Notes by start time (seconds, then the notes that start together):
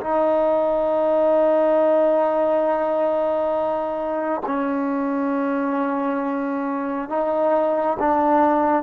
0.00 D#4
4.46 C#4
7.09 D#4
7.99 D4